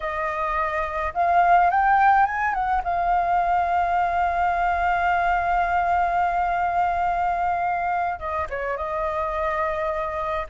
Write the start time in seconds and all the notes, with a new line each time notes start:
0.00 D#5
1.13 F5
1.70 G5
2.25 G#5
2.53 F#5
2.84 F5
8.19 D#5
8.49 C#5
8.77 D#5